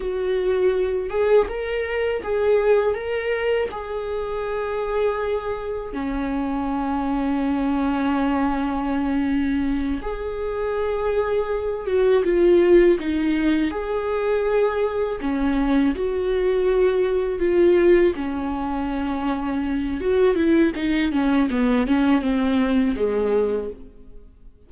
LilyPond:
\new Staff \with { instrumentName = "viola" } { \time 4/4 \tempo 4 = 81 fis'4. gis'8 ais'4 gis'4 | ais'4 gis'2. | cis'1~ | cis'4. gis'2~ gis'8 |
fis'8 f'4 dis'4 gis'4.~ | gis'8 cis'4 fis'2 f'8~ | f'8 cis'2~ cis'8 fis'8 e'8 | dis'8 cis'8 b8 cis'8 c'4 gis4 | }